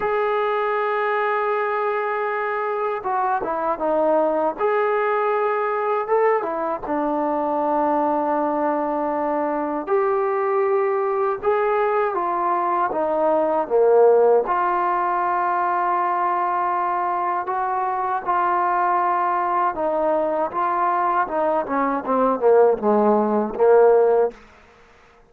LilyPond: \new Staff \with { instrumentName = "trombone" } { \time 4/4 \tempo 4 = 79 gis'1 | fis'8 e'8 dis'4 gis'2 | a'8 e'8 d'2.~ | d'4 g'2 gis'4 |
f'4 dis'4 ais4 f'4~ | f'2. fis'4 | f'2 dis'4 f'4 | dis'8 cis'8 c'8 ais8 gis4 ais4 | }